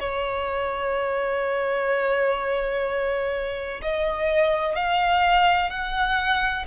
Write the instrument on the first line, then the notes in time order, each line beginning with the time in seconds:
violin
0.00 C#5
3.82 D#5
4.76 F5
5.70 F#5